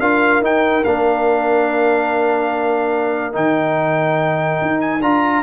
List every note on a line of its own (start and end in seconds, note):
0.00 0.42 D4
0.00 0.43 F4
0.00 5.42 A#4
0.00 0.42 F5
0.42 0.84 D#4
0.42 0.85 G5
0.85 3.36 A#3
0.85 3.33 D4
0.85 3.35 F5
3.33 4.61 D#3
3.33 5.00 D#4
3.33 4.81 G5
4.62 5.01 D#4
4.81 5.02 G#5
5.01 5.43 D4
5.01 5.43 F4
5.01 5.43 A#5